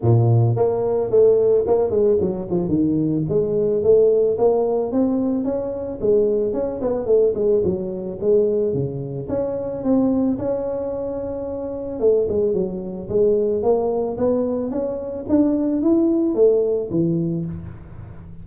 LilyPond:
\new Staff \with { instrumentName = "tuba" } { \time 4/4 \tempo 4 = 110 ais,4 ais4 a4 ais8 gis8 | fis8 f8 dis4 gis4 a4 | ais4 c'4 cis'4 gis4 | cis'8 b8 a8 gis8 fis4 gis4 |
cis4 cis'4 c'4 cis'4~ | cis'2 a8 gis8 fis4 | gis4 ais4 b4 cis'4 | d'4 e'4 a4 e4 | }